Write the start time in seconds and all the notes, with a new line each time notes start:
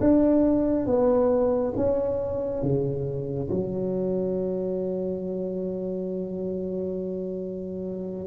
0.00 D4
0.86 B3
1.76 C#4
2.62 C#3
3.50 F#3